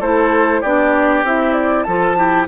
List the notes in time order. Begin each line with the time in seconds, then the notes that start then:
0.00 A3 E4 A4 C5
0.61 B3 D4 G4 D5
1.23 C4 E4 E5
1.53 D5
1.83 F3 F4 A4 A5
2.16 E4 G4